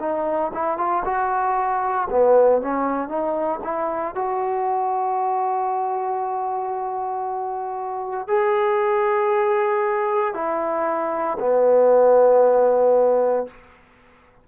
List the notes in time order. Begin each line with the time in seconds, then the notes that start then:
0.00 D#4
0.54 E4
0.78 F4
1.05 F#4
2.10 B3
2.62 C#4
3.08 D#4
3.63 E4
4.15 F#4
8.28 G#4
10.34 E4
11.40 B3